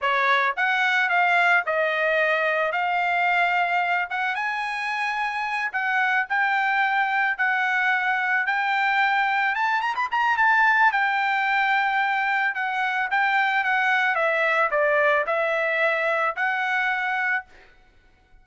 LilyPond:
\new Staff \with { instrumentName = "trumpet" } { \time 4/4 \tempo 4 = 110 cis''4 fis''4 f''4 dis''4~ | dis''4 f''2~ f''8 fis''8 | gis''2~ gis''8 fis''4 g''8~ | g''4. fis''2 g''8~ |
g''4. a''8 ais''16 b''16 ais''8 a''4 | g''2. fis''4 | g''4 fis''4 e''4 d''4 | e''2 fis''2 | }